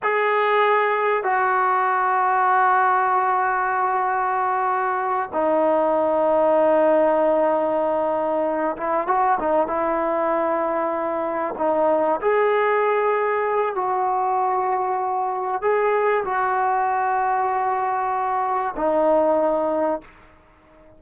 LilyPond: \new Staff \with { instrumentName = "trombone" } { \time 4/4 \tempo 4 = 96 gis'2 fis'2~ | fis'1~ | fis'8 dis'2.~ dis'8~ | dis'2 e'8 fis'8 dis'8 e'8~ |
e'2~ e'8 dis'4 gis'8~ | gis'2 fis'2~ | fis'4 gis'4 fis'2~ | fis'2 dis'2 | }